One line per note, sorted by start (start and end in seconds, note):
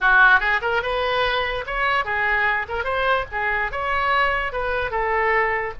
0.00 0.40 F#4
0.40 0.60 G#4
0.61 0.82 A#4
0.82 1.64 B4
1.66 2.05 C#5
2.05 2.66 G#4
2.68 2.84 A#4
2.84 3.25 C5
3.31 3.71 G#4
3.71 4.52 C#5
4.52 4.91 B4
4.91 5.73 A4